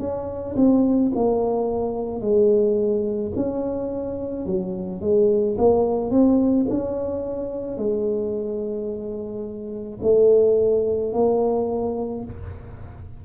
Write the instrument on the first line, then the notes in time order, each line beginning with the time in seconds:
tuba
0.00 C#4
0.57 C4
1.15 A#3
2.21 G#3
3.36 C#4
4.46 F#3
5.02 G#3
5.58 A#3
6.11 C4
6.70 C#4
7.78 G#3
10.03 A3
11.13 A#3